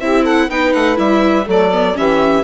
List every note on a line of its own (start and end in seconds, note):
0.00 0.49 C4
0.00 0.50 E4
0.00 0.23 G4
0.00 0.24 E5
0.23 0.47 A4
0.23 0.50 F#5
0.49 0.74 B3
0.49 0.95 D#4
0.49 1.47 B4
0.49 0.73 G5
0.73 0.98 A3
0.73 0.97 F#5
0.95 1.47 G3
0.95 1.44 E4
0.95 1.48 E5
1.47 1.96 F#3
1.47 1.71 A3
1.47 1.96 A4
1.47 1.97 D5
1.72 1.94 B3
1.94 2.44 E3
1.94 2.42 C#4
1.94 2.44 G4
1.94 2.44 E5